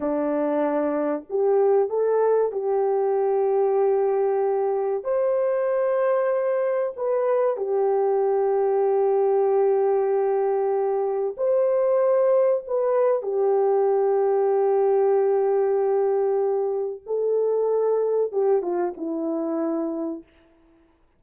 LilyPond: \new Staff \with { instrumentName = "horn" } { \time 4/4 \tempo 4 = 95 d'2 g'4 a'4 | g'1 | c''2. b'4 | g'1~ |
g'2 c''2 | b'4 g'2.~ | g'2. a'4~ | a'4 g'8 f'8 e'2 | }